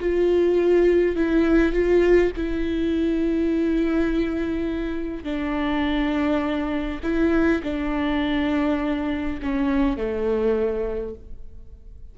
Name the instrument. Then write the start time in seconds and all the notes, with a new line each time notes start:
viola
0.00 F4
1.16 E4
1.73 F4
2.37 E4
5.24 D4
7.03 E4
7.64 D4
9.43 C#4
9.97 A3